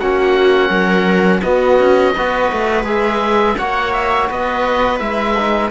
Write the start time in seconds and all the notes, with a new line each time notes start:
0.00 A#3 C#4 F#4 F#5
0.69 F#3 A#4
1.42 B3 F#4 D#5
1.79 C#4
2.16 B3 F#4 B4
2.52 A3
2.84 G#3 G#4 E5
3.58 A#3 F#4 C#5 F#5
3.93 E5
4.28 B3 B4 D#5
4.99 G#3 E4 E5
5.39 D#4